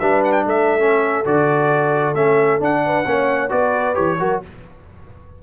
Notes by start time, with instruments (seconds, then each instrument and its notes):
0.00 tuba G3, trombone D4, horn B4, trumpet E5
0.24 trumpet F#5
0.33 trumpet G5
0.46 tuba A3, horn A4, trumpet E5
0.80 trombone C#4
1.25 tuba D3, trombone F#4, trumpet D5
2.15 tuba A3, trombone C#4, trumpet E5
2.60 trombone D4, tuba D4, trumpet F#5
2.86 horn B4
3.06 tuba A#3, trombone C#4, horn C#5
3.49 tuba B3, trombone F#4, horn B4, trumpet D5
3.95 tuba E3, trombone G4, trumpet C#5
4.20 tuba F#3, trombone F#4, horn A#4